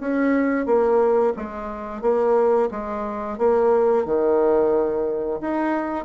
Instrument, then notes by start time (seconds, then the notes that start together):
bassoon
0.00 C#4
0.66 A#3
1.36 G#3
2.02 A#3
2.71 G#3
3.38 A#3
4.05 D#3
5.41 D#4